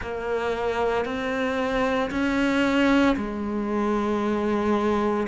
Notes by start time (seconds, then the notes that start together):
0.01 A#3
1.05 C4
2.11 C#4
3.16 G#3